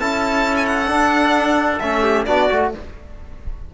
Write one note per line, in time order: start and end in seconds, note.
0.00 0.91 C#4
0.00 0.87 E4
0.00 2.03 A4
0.00 0.56 A5
0.57 0.66 G#5
0.66 1.79 F#5
0.87 1.78 D4
0.87 1.82 D4
1.80 2.27 A3
1.80 2.27 C#4
1.80 2.25 E5
2.03 2.25 G4
2.26 2.50 B3
2.26 2.49 D4
2.26 2.74 F#4
2.26 2.71 D5
2.50 2.75 A3
2.50 2.73 F#4